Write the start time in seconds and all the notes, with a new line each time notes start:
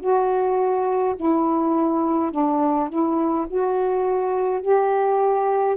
0.00 F#4
1.16 E4
2.31 D4
2.89 E4
3.47 F#4
4.62 G4